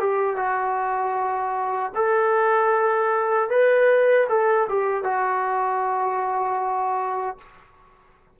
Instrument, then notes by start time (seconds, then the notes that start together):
trombone
0.00 G4
0.36 F#4
1.95 A4
3.50 B4
4.29 A4
4.69 G4
5.04 F#4